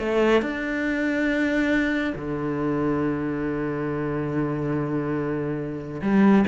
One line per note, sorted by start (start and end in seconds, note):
0.00 0.42 A3
0.42 2.14 D4
2.16 6.02 D3
6.03 6.46 G3